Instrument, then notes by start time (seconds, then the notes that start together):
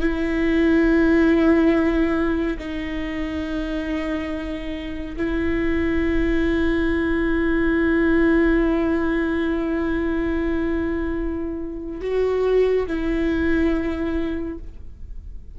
viola
0.00 E4
2.58 D#4
5.16 E4
12.01 F#4
12.86 E4